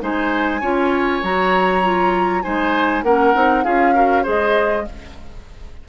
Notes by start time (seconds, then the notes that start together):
0.00 G#3 D#4 C5 G#5
0.61 C#4 F4 C#5
1.23 F#3 F#4 A#5
1.83 F4
2.42 G#3 D#4 C5 G#5
3.03 A#3 C#4 A#4 F#5
3.34 C4 D#4
3.64 C#4 F4 G#4 F5
3.94 F#4 A#4
4.23 G#3 G#4 C5 D#5